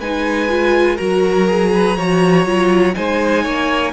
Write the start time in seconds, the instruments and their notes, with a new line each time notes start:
0.00 cello G#3, viola D#4, violin B4 G#5
0.49 viola F4
0.96 cello F#3, viola F#4, violin A#4 A#5
1.48 viola G#4
1.74 violin B4
1.97 cello F3, viola F#4, violin C#5
2.46 cello F#3, viola F4
2.94 cello G#3, viola D#4, violin C5 G#5
3.43 cello A#3, violin C#5